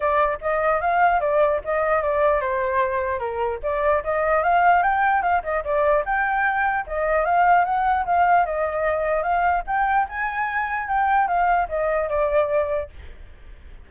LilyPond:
\new Staff \with { instrumentName = "flute" } { \time 4/4 \tempo 4 = 149 d''4 dis''4 f''4 d''4 | dis''4 d''4 c''2 | ais'4 d''4 dis''4 f''4 | g''4 f''8 dis''8 d''4 g''4~ |
g''4 dis''4 f''4 fis''4 | f''4 dis''2 f''4 | g''4 gis''2 g''4 | f''4 dis''4 d''2 | }